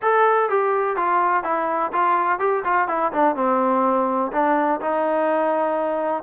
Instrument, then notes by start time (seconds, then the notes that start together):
trombone
0.02 A4
0.49 G4
0.96 F4
1.43 E4
1.92 F4
2.39 G4
2.64 F4
2.88 E4
3.12 D4
3.35 C4
4.32 D4
4.80 D#4